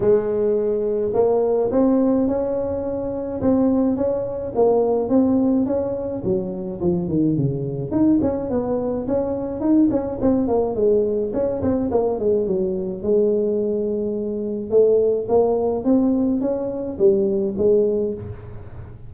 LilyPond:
\new Staff \with { instrumentName = "tuba" } { \time 4/4 \tempo 4 = 106 gis2 ais4 c'4 | cis'2 c'4 cis'4 | ais4 c'4 cis'4 fis4 | f8 dis8 cis4 dis'8 cis'8 b4 |
cis'4 dis'8 cis'8 c'8 ais8 gis4 | cis'8 c'8 ais8 gis8 fis4 gis4~ | gis2 a4 ais4 | c'4 cis'4 g4 gis4 | }